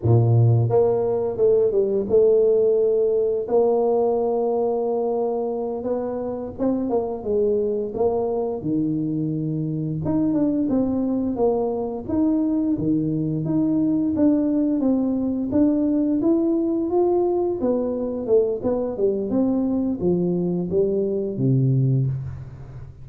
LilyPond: \new Staff \with { instrumentName = "tuba" } { \time 4/4 \tempo 4 = 87 ais,4 ais4 a8 g8 a4~ | a4 ais2.~ | ais8 b4 c'8 ais8 gis4 ais8~ | ais8 dis2 dis'8 d'8 c'8~ |
c'8 ais4 dis'4 dis4 dis'8~ | dis'8 d'4 c'4 d'4 e'8~ | e'8 f'4 b4 a8 b8 g8 | c'4 f4 g4 c4 | }